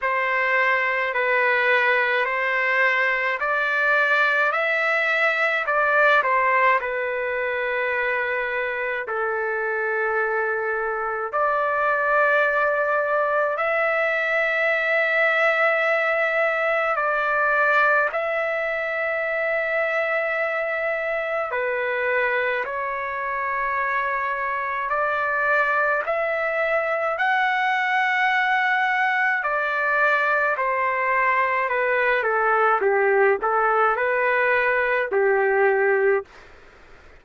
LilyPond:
\new Staff \with { instrumentName = "trumpet" } { \time 4/4 \tempo 4 = 53 c''4 b'4 c''4 d''4 | e''4 d''8 c''8 b'2 | a'2 d''2 | e''2. d''4 |
e''2. b'4 | cis''2 d''4 e''4 | fis''2 d''4 c''4 | b'8 a'8 g'8 a'8 b'4 g'4 | }